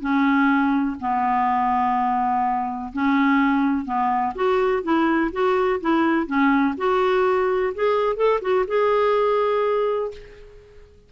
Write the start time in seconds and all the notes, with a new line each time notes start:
0.00 C#4
1.00 B3
2.93 C#4
3.85 B3
4.35 F#4
4.83 E4
5.32 F#4
5.80 E4
6.27 C#4
6.77 F#4
7.74 G#4
8.16 A4
8.41 F#4
8.67 G#4